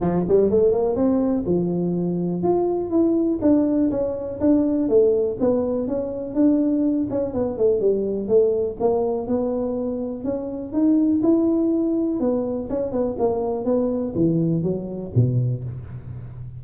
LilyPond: \new Staff \with { instrumentName = "tuba" } { \time 4/4 \tempo 4 = 123 f8 g8 a8 ais8 c'4 f4~ | f4 f'4 e'4 d'4 | cis'4 d'4 a4 b4 | cis'4 d'4. cis'8 b8 a8 |
g4 a4 ais4 b4~ | b4 cis'4 dis'4 e'4~ | e'4 b4 cis'8 b8 ais4 | b4 e4 fis4 b,4 | }